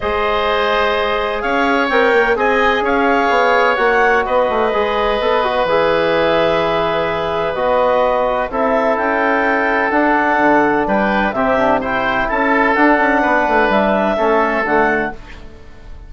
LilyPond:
<<
  \new Staff \with { instrumentName = "clarinet" } { \time 4/4 \tempo 4 = 127 dis''2. f''4 | g''4 gis''4 f''2 | fis''4 dis''2. | e''1 |
dis''2 e''4 g''4~ | g''4 fis''2 g''4 | e''4 g''4 a''4 fis''4~ | fis''4 e''2 fis''4 | }
  \new Staff \with { instrumentName = "oboe" } { \time 4/4 c''2. cis''4~ | cis''4 dis''4 cis''2~ | cis''4 b'2.~ | b'1~ |
b'2 a'2~ | a'2. b'4 | g'4 c''4 a'2 | b'2 a'2 | }
  \new Staff \with { instrumentName = "trombone" } { \time 4/4 gis'1 | ais'4 gis'2. | fis'2 gis'4 a'8 fis'8 | gis'1 |
fis'2 e'2~ | e'4 d'2. | c'8 d'8 e'2 d'4~ | d'2 cis'4 a4 | }
  \new Staff \with { instrumentName = "bassoon" } { \time 4/4 gis2. cis'4 | c'8 ais8 c'4 cis'4 b4 | ais4 b8 a8 gis4 b4 | e1 |
b2 c'4 cis'4~ | cis'4 d'4 d4 g4 | c2 cis'4 d'8 cis'8 | b8 a8 g4 a4 d4 | }
>>